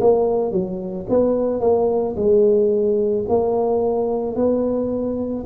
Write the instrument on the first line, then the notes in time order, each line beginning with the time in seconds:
tuba
0.00 A#3
0.51 F#3
1.09 B3
1.60 A#3
2.16 G#3
3.28 A#3
4.35 B3